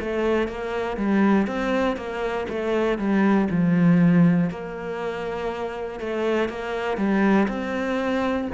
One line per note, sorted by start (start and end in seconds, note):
0.00 0.48 A3
0.48 0.96 A#3
0.96 1.46 G3
1.46 1.96 C4
1.96 2.46 A#3
2.49 2.98 A3
2.98 3.48 G3
3.50 4.50 F3
4.50 6.00 A#3
6.00 6.49 A3
6.49 6.97 A#3
6.97 7.47 G3
7.48 8.48 C4